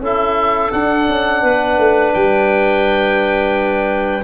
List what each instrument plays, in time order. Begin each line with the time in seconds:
0.00 tuba C#4, trombone E4, clarinet A4, oboe E5
0.72 trombone D4, tuba D4, oboe F#5
1.09 tuba C#4
1.42 tuba B3, clarinet B4
1.78 tuba A3
2.14 tuba G3, oboe G5